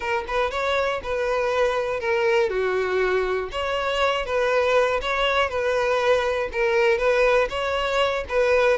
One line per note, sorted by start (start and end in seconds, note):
0.00 0.25 A#4
0.27 0.50 B4
0.50 1.00 C#5
1.03 2.00 B4
2.00 2.49 A#4
2.49 3.49 F#4
3.51 4.25 C#5
4.25 5.00 B4
5.01 5.49 C#5
5.49 6.49 B4
6.52 6.97 A#4
6.97 7.47 B4
7.49 8.24 C#5
8.28 8.77 B4